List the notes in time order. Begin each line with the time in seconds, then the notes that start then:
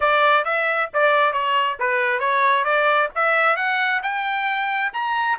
0.00 D5
0.44 E5
0.93 D5
1.32 C#5
1.79 B4
2.19 C#5
2.64 D5
3.15 E5
3.56 F#5
4.02 G5
4.93 A#5